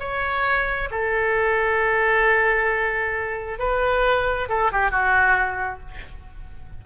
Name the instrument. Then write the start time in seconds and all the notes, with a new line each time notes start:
oboe
0.00 C#5
0.91 A4
3.59 B4
4.49 A4
4.73 G4
4.91 F#4